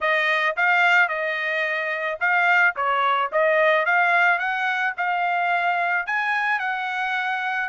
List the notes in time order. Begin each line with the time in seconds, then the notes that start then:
0.01 D#5
0.56 F5
1.08 D#5
2.19 F5
2.75 C#5
3.32 D#5
3.85 F5
4.38 F#5
4.97 F5
6.06 G#5
6.59 F#5